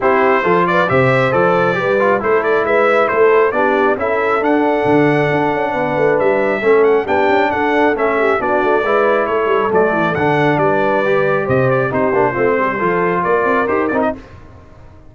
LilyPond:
<<
  \new Staff \with { instrumentName = "trumpet" } { \time 4/4 \tempo 4 = 136 c''4. d''8 e''4 d''4~ | d''4 c''8 d''8 e''4 c''4 | d''4 e''4 fis''2~ | fis''2 e''4. fis''8 |
g''4 fis''4 e''4 d''4~ | d''4 cis''4 d''4 fis''4 | d''2 dis''8 d''8 c''4~ | c''2 d''4 c''8 d''16 dis''16 | }
  \new Staff \with { instrumentName = "horn" } { \time 4/4 g'4 a'8 b'8 c''2 | b'4 a'4 b'4 a'4 | g'4 a'2.~ | a'4 b'2 a'4 |
g'4 a'4. g'8 fis'4 | b'4 a'2. | b'2 c''4 g'4 | f'8 g'8 a'4 ais'2 | }
  \new Staff \with { instrumentName = "trombone" } { \time 4/4 e'4 f'4 g'4 a'4 | g'8 f'8 e'2. | d'4 e'4 d'2~ | d'2. cis'4 |
d'2 cis'4 d'4 | e'2 a4 d'4~ | d'4 g'2 dis'8 d'8 | c'4 f'2 g'8 dis'8 | }
  \new Staff \with { instrumentName = "tuba" } { \time 4/4 c'4 f4 c4 f4 | g4 a4 gis4 a4 | b4 cis'4 d'4 d4 | d'8 cis'8 b8 a8 g4 a4 |
b8 cis'8 d'4 a4 b8 a8 | gis4 a8 g8 fis8 e8 d4 | g2 c4 c'8 ais8 | a8 g8 f4 ais8 c'8 dis'8 c'8 | }
>>